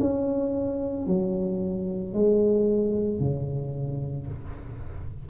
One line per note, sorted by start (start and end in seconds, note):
0.00 1.06 C#4
1.06 2.13 F#3
2.13 3.19 G#3
3.19 4.27 C#3